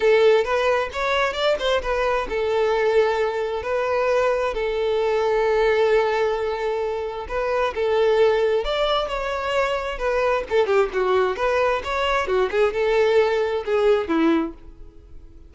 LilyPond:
\new Staff \with { instrumentName = "violin" } { \time 4/4 \tempo 4 = 132 a'4 b'4 cis''4 d''8 c''8 | b'4 a'2. | b'2 a'2~ | a'1 |
b'4 a'2 d''4 | cis''2 b'4 a'8 g'8 | fis'4 b'4 cis''4 fis'8 gis'8 | a'2 gis'4 e'4 | }